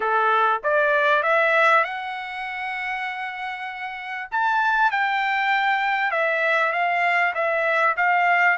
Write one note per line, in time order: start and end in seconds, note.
0.00 0.61 A4
0.63 1.22 D5
1.22 1.83 E5
1.83 4.28 F#5
4.31 4.91 A5
4.91 6.11 G5
6.11 6.72 E5
6.72 7.33 F5
7.34 7.95 E5
7.96 8.57 F5